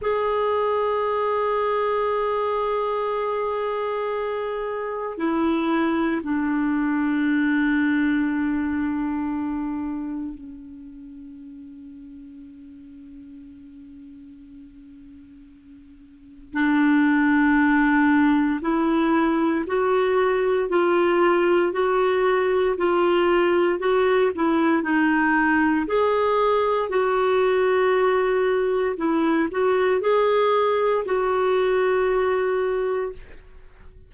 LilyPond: \new Staff \with { instrumentName = "clarinet" } { \time 4/4 \tempo 4 = 58 gis'1~ | gis'4 e'4 d'2~ | d'2 cis'2~ | cis'1 |
d'2 e'4 fis'4 | f'4 fis'4 f'4 fis'8 e'8 | dis'4 gis'4 fis'2 | e'8 fis'8 gis'4 fis'2 | }